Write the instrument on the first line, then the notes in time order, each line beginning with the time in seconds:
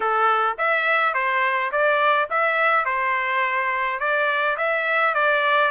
trumpet
0.00 A4
0.57 E5
1.14 C5
1.71 D5
2.30 E5
2.85 C5
3.99 D5
4.57 E5
5.14 D5